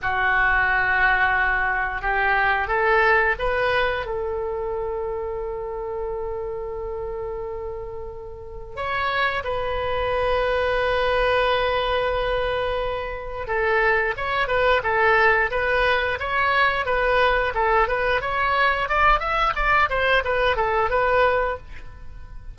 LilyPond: \new Staff \with { instrumentName = "oboe" } { \time 4/4 \tempo 4 = 89 fis'2. g'4 | a'4 b'4 a'2~ | a'1~ | a'4 cis''4 b'2~ |
b'1 | a'4 cis''8 b'8 a'4 b'4 | cis''4 b'4 a'8 b'8 cis''4 | d''8 e''8 d''8 c''8 b'8 a'8 b'4 | }